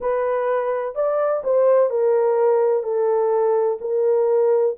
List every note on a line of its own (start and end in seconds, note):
0.01 0.95 B4
0.95 1.42 D5
1.44 1.89 C5
1.89 2.83 A#4
2.83 3.78 A4
3.81 4.76 A#4